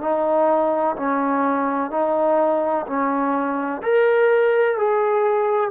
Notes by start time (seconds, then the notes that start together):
0.00 D#4
0.96 C#4
1.90 D#4
2.86 C#4
3.82 A#4
4.77 G#4